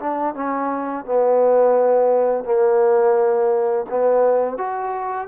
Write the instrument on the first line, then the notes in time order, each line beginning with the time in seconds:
trombone
0.00 D4
0.35 C#4
1.05 B3
2.44 A#3
3.90 B3
4.58 F#4